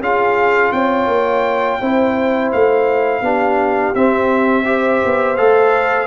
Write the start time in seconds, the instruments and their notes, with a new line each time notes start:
0.00 tuba C#4, trombone F4, horn G#4, trumpet F5
0.73 tuba C4, horn C#5, trumpet G5
1.07 tuba A#3
1.81 tuba C4, trombone E4, horn C5
2.52 tuba A3, trumpet F5
3.22 tuba B3, trombone D4, horn G4
3.95 tuba C4, trombone C4, trumpet E5
4.65 trombone G4, horn C5
5.05 tuba B3
5.37 tuba A3, trombone A4, trumpet F5